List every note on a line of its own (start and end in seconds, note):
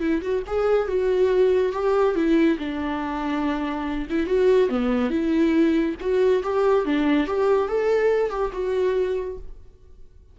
0.00 0.21 E4
0.21 0.43 F#4
0.47 0.88 G#4
0.88 1.73 F#4
1.73 2.15 G4
2.15 2.58 E4
2.59 4.08 D4
4.09 4.26 E4
4.26 4.69 F#4
4.69 5.10 B3
5.10 5.95 E4
6.00 6.43 F#4
6.43 6.85 G4
6.85 7.27 D4
7.27 7.69 G4
7.69 8.30 A4
8.30 8.51 G4
8.52 9.38 F#4